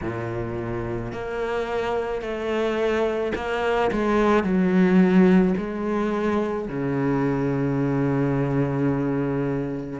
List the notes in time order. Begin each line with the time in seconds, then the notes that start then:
0.01 A#2
1.12 A#3
2.21 A3
3.35 A#3
3.91 G#3
4.43 F#3
5.57 G#3
6.68 C#3